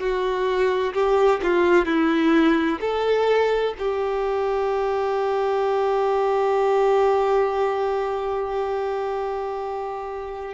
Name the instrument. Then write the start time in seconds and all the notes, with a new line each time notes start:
violin
0.00 F#4
0.94 G4
1.43 F4
1.86 E4
2.81 A4
3.79 G4